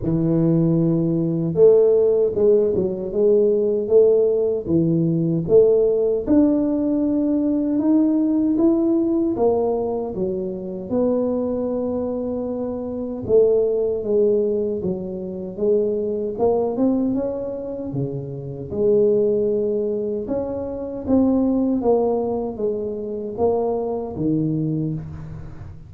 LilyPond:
\new Staff \with { instrumentName = "tuba" } { \time 4/4 \tempo 4 = 77 e2 a4 gis8 fis8 | gis4 a4 e4 a4 | d'2 dis'4 e'4 | ais4 fis4 b2~ |
b4 a4 gis4 fis4 | gis4 ais8 c'8 cis'4 cis4 | gis2 cis'4 c'4 | ais4 gis4 ais4 dis4 | }